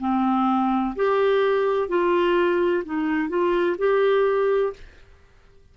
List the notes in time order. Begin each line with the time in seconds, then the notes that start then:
0.00 C4
0.96 G4
1.89 F4
2.85 D#4
3.29 F4
3.78 G4